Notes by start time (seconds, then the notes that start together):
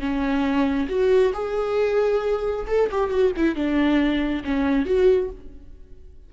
0.00 C#4
0.89 F#4
1.34 G#4
2.68 A4
2.92 G4
3.10 F#4
3.37 E4
3.56 D4
4.45 C#4
4.86 F#4